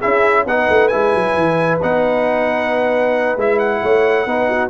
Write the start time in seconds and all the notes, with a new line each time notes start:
0.00 C#4 E4 G#4 E5
0.46 B3 D#4 B4 F#5
0.70 A3
0.89 G#3 E4 G#5
1.15 F#3
1.35 E3
1.82 B3 D#4 F#5
3.37 G#3 E4 E5
3.59 F#5
3.83 A3 C#5
4.26 B3 D#4 B4
4.49 F#4